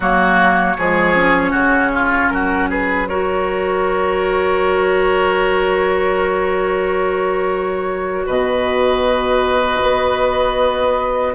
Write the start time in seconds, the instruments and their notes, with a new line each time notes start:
0.00 bassoon F#3, clarinet A#3, oboe F#4, flute C#5
0.77 bassoon F3, clarinet G#3, oboe G#4
1.15 clarinet C#4
1.51 bassoon C#3, oboe F#4
1.94 oboe F4
2.28 bassoon F#3, oboe F#4, flute A#4
2.69 oboe G#4, flute B4
3.08 clarinet F#4, oboe A#4, flute C#5
8.25 bassoon B2, oboe B4, flute D#5
9.82 bassoon B3